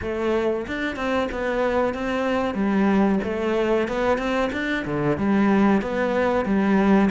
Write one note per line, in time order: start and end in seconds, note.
0.01 0.66 A3
0.67 0.96 D4
0.96 1.28 C4
1.31 1.94 B3
1.94 2.54 C4
2.54 3.19 G3
3.23 3.88 A3
3.88 4.18 B3
4.18 4.50 C4
4.52 4.84 D4
4.85 5.17 D3
5.17 5.81 G3
5.81 6.45 B3
6.45 7.09 G3